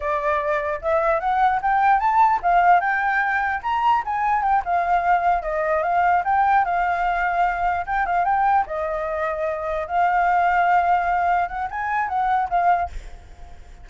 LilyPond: \new Staff \with { instrumentName = "flute" } { \time 4/4 \tempo 4 = 149 d''2 e''4 fis''4 | g''4 a''4 f''4 g''4~ | g''4 ais''4 gis''4 g''8 f''8~ | f''4. dis''4 f''4 g''8~ |
g''8 f''2. g''8 | f''8 g''4 dis''2~ dis''8~ | dis''8 f''2.~ f''8~ | f''8 fis''8 gis''4 fis''4 f''4 | }